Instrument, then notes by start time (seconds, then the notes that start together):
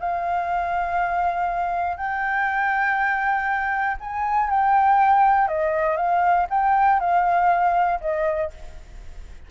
flute
0.00 F5
1.97 G5
4.01 G#5
4.50 G5
5.48 D#5
5.97 F5
6.50 G5
7.00 F5
8.01 D#5